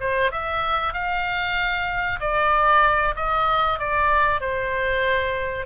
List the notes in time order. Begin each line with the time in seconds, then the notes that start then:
0.00 C5
0.32 E5
0.93 F5
2.20 D5
3.16 D#5
3.79 D5
4.41 C5